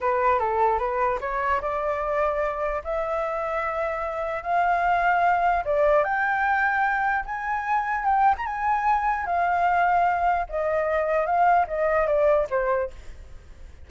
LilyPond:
\new Staff \with { instrumentName = "flute" } { \time 4/4 \tempo 4 = 149 b'4 a'4 b'4 cis''4 | d''2. e''4~ | e''2. f''4~ | f''2 d''4 g''4~ |
g''2 gis''2 | g''8. ais''16 gis''2 f''4~ | f''2 dis''2 | f''4 dis''4 d''4 c''4 | }